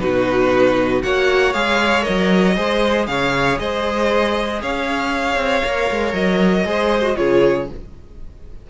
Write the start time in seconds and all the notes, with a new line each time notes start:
0.00 B2 D#4 F#4 B4
1.03 A#3 F#4 C#5 F#5
1.54 G#3 G#4 F5
2.02 A#4 D#5
2.09 F#3
2.56 G#3 G#4 C5
3.07 C#3 C#5 F5
3.60 G#3 C5 D#5
4.62 C#4 C#5 F5
5.36 C4
5.64 A#3 A#4
5.91 G#3
6.14 F#3 D#5
6.65 G#3 G#4 C5
7.03 F#4
7.16 C#3 F4 G#4 C#5